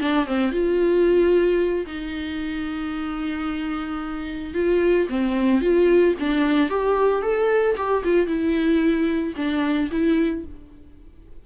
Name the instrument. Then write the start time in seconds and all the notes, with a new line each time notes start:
viola
0.00 D4
0.26 C4
0.51 F4
1.87 D#4
4.54 F4
5.09 C4
5.61 F4
6.20 D4
6.70 G4
7.22 A4
7.77 G4
8.04 F4
8.26 E4
9.37 D4
9.91 E4